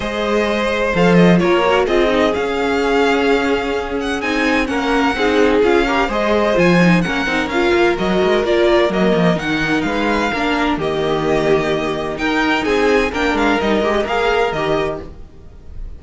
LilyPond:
<<
  \new Staff \with { instrumentName = "violin" } { \time 4/4 \tempo 4 = 128 dis''2 f''8 dis''8 cis''4 | dis''4 f''2.~ | f''8 fis''8 gis''4 fis''2 | f''4 dis''4 gis''4 fis''4 |
f''4 dis''4 d''4 dis''4 | fis''4 f''2 dis''4~ | dis''2 g''4 gis''4 | g''8 f''8 dis''4 f''4 dis''4 | }
  \new Staff \with { instrumentName = "violin" } { \time 4/4 c''2. ais'4 | gis'1~ | gis'2 ais'4 gis'4~ | gis'8 ais'8 c''2 ais'4~ |
ais'1~ | ais'4 b'4 ais'4 g'4~ | g'2 ais'4 gis'4 | ais'4.~ ais'16 dis''16 ais'2 | }
  \new Staff \with { instrumentName = "viola" } { \time 4/4 gis'2 a'4 f'8 fis'8 | f'8 dis'8 cis'2.~ | cis'4 dis'4 cis'4 dis'4 | f'8 g'8 gis'4 f'8 dis'8 cis'8 dis'8 |
f'4 fis'4 f'4 ais4 | dis'2 d'4 ais4~ | ais2 dis'2 | d'4 dis'8 g'8 gis'4 g'4 | }
  \new Staff \with { instrumentName = "cello" } { \time 4/4 gis2 f4 ais4 | c'4 cis'2.~ | cis'4 c'4 ais4 c'4 | cis'4 gis4 f4 ais8 c'8 |
cis'8 ais8 fis8 gis8 ais4 fis8 f8 | dis4 gis4 ais4 dis4~ | dis2 dis'4 c'4 | ais8 gis8 g8 gis8 ais4 dis4 | }
>>